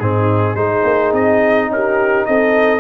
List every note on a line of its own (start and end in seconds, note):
0.00 0.55 G#2
0.00 0.56 C4
0.00 0.55 D#4
0.00 0.56 G#4
0.55 0.83 G#3
0.55 2.80 D#4
0.55 1.69 G#4
0.55 1.12 C5
0.84 1.12 A#3
1.12 1.69 C4
1.12 1.71 D#5
1.69 2.26 C#4
1.69 2.27 G4
1.69 2.26 A#4
2.26 2.80 C4
2.26 2.80 A4
2.26 2.80 D#5